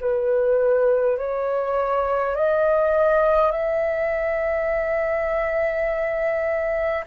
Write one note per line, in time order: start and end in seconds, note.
0.00 1.18 B4
1.18 2.35 C#5
2.35 3.51 D#5
3.51 7.04 E5